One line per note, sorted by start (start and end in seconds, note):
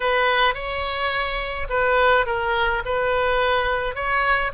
0.00 0.54 B4
0.54 1.67 C#5
1.69 2.26 B4
2.26 2.82 A#4
2.85 3.95 B4
3.95 4.51 C#5